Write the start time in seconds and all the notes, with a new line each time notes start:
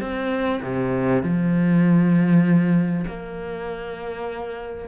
0.00 C4
0.62 C3
1.23 F3
3.07 A#3